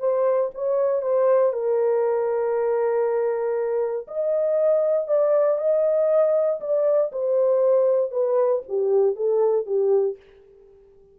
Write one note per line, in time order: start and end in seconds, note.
0.00 0.51 C5
0.55 1.03 C#5
1.03 1.53 C5
1.53 4.07 A#4
4.08 5.08 D#5
5.08 5.59 D5
5.59 6.60 D#5
6.61 7.12 D5
7.12 8.12 C5
8.12 8.63 B4
8.69 9.16 G4
9.16 9.67 A4
9.67 10.17 G4